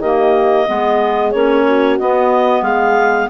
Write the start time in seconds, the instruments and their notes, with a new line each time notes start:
0.00 bassoon D#3, clarinet A#3 D#5, horn G4
0.68 bassoon G#3, clarinet B3, horn G#4
1.32 bassoon A#3, clarinet C#4 C#5
1.66 horn F#4
2.00 clarinet B3 D#5, bassoon B3
2.62 bassoon G#3, horn G#4, clarinet F5